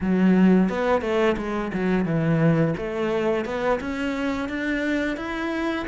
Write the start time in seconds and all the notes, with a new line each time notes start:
0.00 F#3
0.69 B3
1.01 A3
1.37 G#3
1.73 F#3
2.05 E3
2.77 A3
3.45 B3
3.80 C#4
4.49 D4
5.17 E4